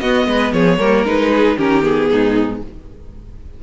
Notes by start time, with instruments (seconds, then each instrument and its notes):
0.00 cello B3, viola B3, violin F#4 D#5
0.26 cello G#3, violin B4
0.52 cello F3, violin G#4 C#5
0.78 cello G3, viola A#3, violin A#4
1.04 cello G#3, viola D#4, violin B4
1.30 violin G#4
1.57 cello D#3, viola C#4, violin G4 A#4
1.82 viola B3, violin G#4
2.11 cello G#2, violin D#4